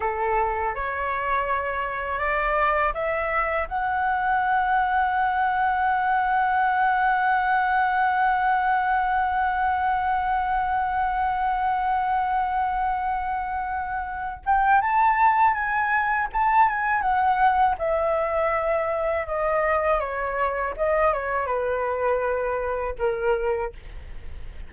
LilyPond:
\new Staff \with { instrumentName = "flute" } { \time 4/4 \tempo 4 = 81 a'4 cis''2 d''4 | e''4 fis''2.~ | fis''1~ | fis''1~ |
fis''2.~ fis''8 g''8 | a''4 gis''4 a''8 gis''8 fis''4 | e''2 dis''4 cis''4 | dis''8 cis''8 b'2 ais'4 | }